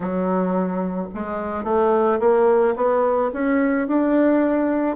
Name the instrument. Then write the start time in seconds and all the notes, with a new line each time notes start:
bassoon
0.00 F#3
1.14 G#3
1.64 A3
2.19 A#3
2.75 B3
3.33 C#4
3.87 D4